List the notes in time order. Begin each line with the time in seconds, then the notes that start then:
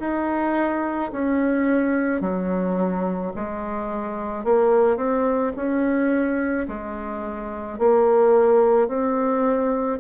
0.00 D#4
1.13 C#4
2.21 F#3
3.36 G#3
4.44 A#3
4.97 C4
5.56 C#4
6.68 G#3
7.79 A#3
8.88 C4